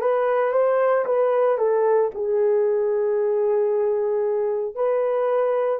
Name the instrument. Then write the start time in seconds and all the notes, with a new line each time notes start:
horn
0.00 B4
0.52 C5
1.05 B4
1.57 A4
2.14 G#4
4.75 B4